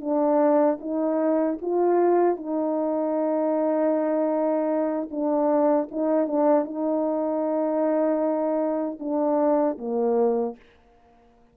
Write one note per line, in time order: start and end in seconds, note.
0.00 0.78 D4
0.80 1.58 D#4
1.61 2.36 F4
2.36 5.09 D#4
5.10 5.88 D4
5.91 6.27 D#4
6.27 6.64 D4
6.64 8.98 D#4
8.99 9.77 D4
9.78 10.55 A#3